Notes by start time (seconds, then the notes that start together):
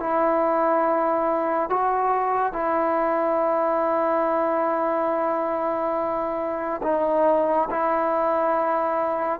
0.00 E4
1.70 F#4
2.53 E4
6.83 D#4
7.70 E4